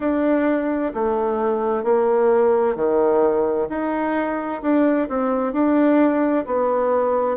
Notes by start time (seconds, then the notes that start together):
0.00 D4
0.94 A3
1.83 A#3
2.75 D#3
3.69 D#4
4.62 D4
5.09 C4
5.53 D4
6.46 B3